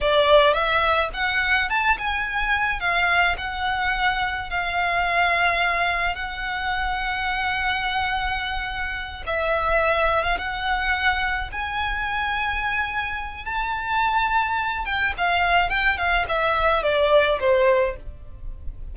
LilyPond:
\new Staff \with { instrumentName = "violin" } { \time 4/4 \tempo 4 = 107 d''4 e''4 fis''4 a''8 gis''8~ | gis''4 f''4 fis''2 | f''2. fis''4~ | fis''1~ |
fis''8 e''4.~ e''16 f''16 fis''4.~ | fis''8 gis''2.~ gis''8 | a''2~ a''8 g''8 f''4 | g''8 f''8 e''4 d''4 c''4 | }